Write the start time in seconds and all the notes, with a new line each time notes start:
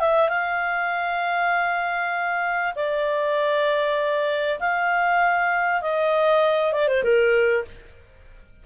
0.00 E5
0.29 F5
2.76 D5
4.60 F5
5.81 D#5
6.73 D5
6.88 C5
7.04 A#4